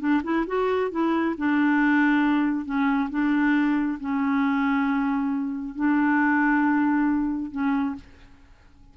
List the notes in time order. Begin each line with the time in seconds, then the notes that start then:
0.00 D4
0.24 E4
0.47 F#4
0.91 E4
1.38 D4
2.66 C#4
3.10 D4
4.00 C#4
5.76 D4
7.51 C#4